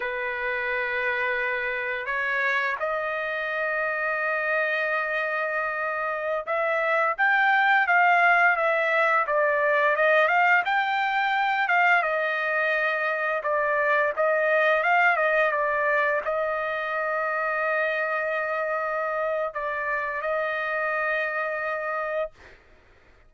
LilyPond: \new Staff \with { instrumentName = "trumpet" } { \time 4/4 \tempo 4 = 86 b'2. cis''4 | dis''1~ | dis''4~ dis''16 e''4 g''4 f''8.~ | f''16 e''4 d''4 dis''8 f''8 g''8.~ |
g''8. f''8 dis''2 d''8.~ | d''16 dis''4 f''8 dis''8 d''4 dis''8.~ | dis''1 | d''4 dis''2. | }